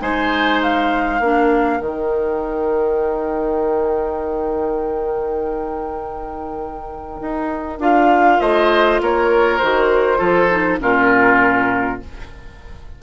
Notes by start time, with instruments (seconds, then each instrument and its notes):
0.00 bassoon G#3, clarinet D#4, oboe C5, flute G#5
0.62 flute F5
1.20 bassoon A#3, clarinet D4, oboe A#4
1.80 bassoon D#3, clarinet D#4, flute G5
7.21 bassoon D#4
7.79 bassoon D4, clarinet F4, flute F5
8.40 bassoon A3, oboe C5, flute D#5
9.00 bassoon A#3, oboe A#4, flute C#5
9.58 bassoon D#3, clarinet F#4, flute C5
10.17 bassoon F3, clarinet F4, oboe A4
10.50 clarinet D#4
10.79 bassoon A#2, clarinet C#4, oboe F4, flute A#4